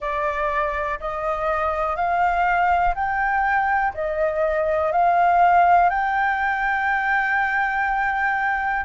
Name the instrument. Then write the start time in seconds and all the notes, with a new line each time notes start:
flute
0.00 D5
1.00 D#5
1.96 F5
2.95 G5
3.93 D#5
4.92 F5
5.89 G5